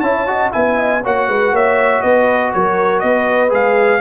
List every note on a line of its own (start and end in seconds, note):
0.00 0.50 C#4
0.00 0.26 E4
0.00 0.27 C#5
0.00 0.50 A5
0.26 0.51 F#4
0.26 0.52 D#5
0.51 1.05 B3
0.51 1.01 E4
0.51 0.76 E5
0.51 1.02 G#5
0.76 1.01 D#5
1.03 1.28 A#3
1.03 3.49 F#4
1.03 1.28 C#5
1.03 1.55 F#5
1.28 1.51 G#3
1.28 1.53 B4
1.51 2.01 A#3
1.51 2.02 C#5
1.51 2.01 E5
2.01 2.53 B3
2.01 2.52 B4
2.01 2.51 D#5
2.53 3.02 F#3
2.53 3.04 A#4
2.53 2.99 C#5
2.99 3.52 B3
2.99 4.00 B4
2.99 3.49 D#5
3.49 4.00 G#3
3.49 3.99 G#4
3.49 4.00 F5